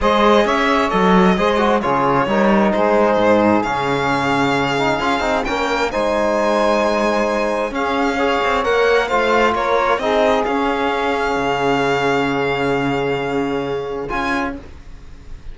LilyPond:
<<
  \new Staff \with { instrumentName = "violin" } { \time 4/4 \tempo 4 = 132 dis''4 e''4 dis''2 | cis''2 c''2 | f''1 | g''4 gis''2.~ |
gis''4 f''2 fis''4 | f''4 cis''4 dis''4 f''4~ | f''1~ | f''2. gis''4 | }
  \new Staff \with { instrumentName = "saxophone" } { \time 4/4 c''4 cis''2 c''4 | gis'4 ais'4 gis'2~ | gis'1 | ais'4 c''2.~ |
c''4 gis'4 cis''2 | c''4 ais'4 gis'2~ | gis'1~ | gis'1 | }
  \new Staff \with { instrumentName = "trombone" } { \time 4/4 gis'2 a'4 gis'8 fis'8 | f'4 dis'2. | cis'2~ cis'8 dis'8 f'8 dis'8 | cis'4 dis'2.~ |
dis'4 cis'4 gis'4 ais'4 | f'2 dis'4 cis'4~ | cis'1~ | cis'2. f'4 | }
  \new Staff \with { instrumentName = "cello" } { \time 4/4 gis4 cis'4 fis4 gis4 | cis4 g4 gis4 gis,4 | cis2. cis'8 c'8 | ais4 gis2.~ |
gis4 cis'4. c'8 ais4 | a4 ais4 c'4 cis'4~ | cis'4 cis2.~ | cis2. cis'4 | }
>>